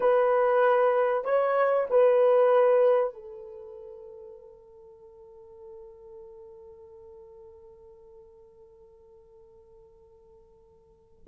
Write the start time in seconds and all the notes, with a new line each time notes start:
0.00 B4
1.24 C#5
1.90 B4
3.13 A4